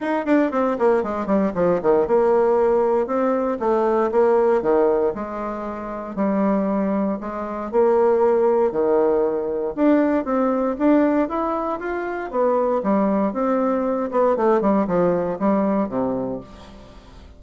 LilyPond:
\new Staff \with { instrumentName = "bassoon" } { \time 4/4 \tempo 4 = 117 dis'8 d'8 c'8 ais8 gis8 g8 f8 dis8 | ais2 c'4 a4 | ais4 dis4 gis2 | g2 gis4 ais4~ |
ais4 dis2 d'4 | c'4 d'4 e'4 f'4 | b4 g4 c'4. b8 | a8 g8 f4 g4 c4 | }